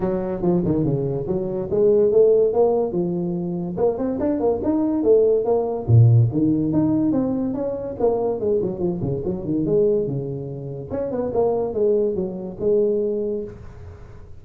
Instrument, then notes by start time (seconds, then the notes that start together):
tuba
0.00 F#3
0.42 F3
0.64 D#3
0.84 C#3
1.27 F#3
1.70 G#3
2.11 A3
2.53 A#3
2.91 F3
3.76 A#3
3.97 C4
4.19 D4
4.39 A#3
4.63 D#4
5.03 A3
5.44 A#3
5.87 A#2
6.32 D#3
6.72 D#4
7.12 C4
7.54 C#4
7.99 A#3
8.40 G#3
8.62 F#3
8.79 F3
9.01 C#3
9.24 F#3
9.44 D#3
9.65 G#3
10.06 C#3
10.90 C#4
11.11 B3
11.33 A#3
11.73 G#3
12.15 F#3
12.60 G#3